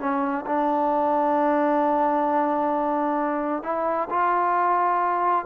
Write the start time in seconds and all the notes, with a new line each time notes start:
0.00 C#4
0.46 D4
3.63 E4
4.10 F4